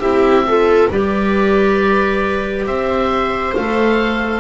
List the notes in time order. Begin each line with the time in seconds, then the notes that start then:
0.00 C4 E4 G4 E5
0.48 F4 A4
0.90 G3 G4 B4 D5
2.67 C4 C5 E5
3.56 A3 A4 F5